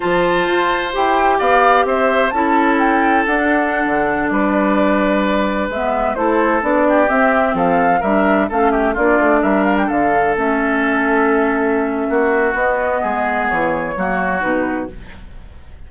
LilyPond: <<
  \new Staff \with { instrumentName = "flute" } { \time 4/4 \tempo 4 = 129 a''2 g''4 f''4 | e''4 a''4 g''4 fis''4~ | fis''4~ fis''16 d''2~ d''8.~ | d''16 e''4 c''4 d''4 e''8.~ |
e''16 f''4 e''4 f''8 e''8 d''8.~ | d''16 e''8 f''16 g''16 f''4 e''4.~ e''16~ | e''2. dis''4~ | dis''4 cis''2 b'4 | }
  \new Staff \with { instrumentName = "oboe" } { \time 4/4 c''2. d''4 | c''4 a'2.~ | a'4~ a'16 b'2~ b'8.~ | b'4~ b'16 a'4. g'4~ g'16~ |
g'16 a'4 ais'4 a'8 g'8 f'8.~ | f'16 ais'4 a'2~ a'8.~ | a'2 fis'2 | gis'2 fis'2 | }
  \new Staff \with { instrumentName = "clarinet" } { \time 4/4 f'2 g'2~ | g'4 e'2 d'4~ | d'1~ | d'16 b4 e'4 d'4 c'8.~ |
c'4~ c'16 d'4 cis'4 d'8.~ | d'2~ d'16 cis'4.~ cis'16~ | cis'2. b4~ | b2 ais4 dis'4 | }
  \new Staff \with { instrumentName = "bassoon" } { \time 4/4 f4 f'4 e'4 b4 | c'4 cis'2 d'4~ | d'16 d4 g2~ g8.~ | g16 gis4 a4 b4 c'8.~ |
c'16 f4 g4 a4 ais8 a16~ | a16 g4 d4 a4.~ a16~ | a2 ais4 b4 | gis4 e4 fis4 b,4 | }
>>